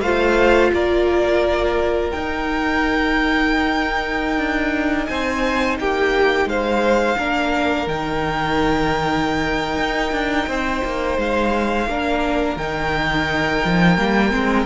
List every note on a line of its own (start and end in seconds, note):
0.00 0.70 A3
0.00 2.13 F4
0.00 0.71 C5
0.00 0.70 F5
0.72 2.12 A#3
0.72 5.09 A#4
0.72 2.10 D5
2.10 4.37 D#4
2.10 7.17 D#4
2.10 5.06 G5
4.37 5.07 D4
5.06 5.78 C4
5.06 5.78 C5
5.06 5.75 G#5
5.78 6.45 A#3
5.78 6.49 G4
5.78 6.48 G5
6.45 7.15 G#3
6.45 7.17 C5
6.45 7.88 F5
7.17 7.86 A#3
7.17 7.87 D4
7.17 10.48 A#4
7.86 9.76 D#3
7.86 11.88 D#4
7.86 11.19 G5
9.76 10.11 D#4
10.11 10.46 D4
10.46 10.81 C4
10.46 11.88 C5
10.84 11.17 A#3
11.17 11.86 G#3
11.17 12.57 F5
11.86 12.56 A#3
11.86 12.58 D4
11.86 14.66 A#4
12.56 13.60 D#3
12.56 13.97 D#4
12.56 14.66 G5
13.64 13.97 F3
13.97 14.32 G3
13.97 14.31 A#3
14.31 14.66 G#3
14.31 14.66 C4